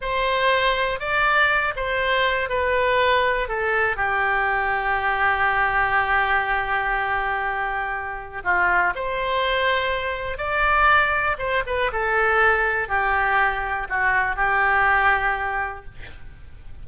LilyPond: \new Staff \with { instrumentName = "oboe" } { \time 4/4 \tempo 4 = 121 c''2 d''4. c''8~ | c''4 b'2 a'4 | g'1~ | g'1~ |
g'4 f'4 c''2~ | c''4 d''2 c''8 b'8 | a'2 g'2 | fis'4 g'2. | }